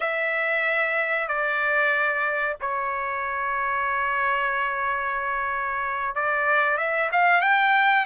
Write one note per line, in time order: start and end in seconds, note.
0.00 1.28 E5
1.28 2.57 D5
2.60 6.15 C#5
6.15 6.77 D5
6.77 7.09 E5
7.11 7.41 F5
7.41 8.05 G5